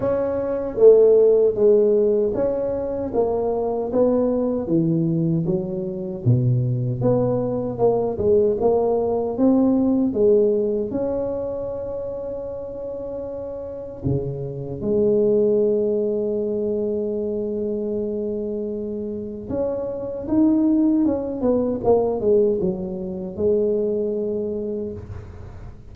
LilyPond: \new Staff \with { instrumentName = "tuba" } { \time 4/4 \tempo 4 = 77 cis'4 a4 gis4 cis'4 | ais4 b4 e4 fis4 | b,4 b4 ais8 gis8 ais4 | c'4 gis4 cis'2~ |
cis'2 cis4 gis4~ | gis1~ | gis4 cis'4 dis'4 cis'8 b8 | ais8 gis8 fis4 gis2 | }